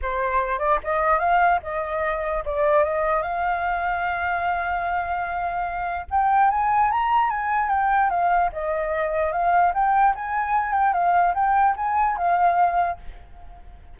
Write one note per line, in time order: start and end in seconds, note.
0.02 0.58 C5
0.58 0.79 D5
0.83 1.19 D#5
1.19 1.59 F5
1.62 2.43 D#5
2.45 2.84 D5
2.84 3.22 D#5
3.22 6.06 F5
6.10 6.50 G5
6.50 6.91 G#5
6.91 7.30 A#5
7.30 7.69 G#5
7.69 8.10 G5
8.10 8.50 F5
8.52 9.32 D#5
9.32 9.73 F5
9.74 10.14 G5
10.15 10.72 G#5
10.72 10.93 G5
10.93 11.33 F5
11.34 11.75 G5
11.76 12.17 G#5
12.17 12.98 F5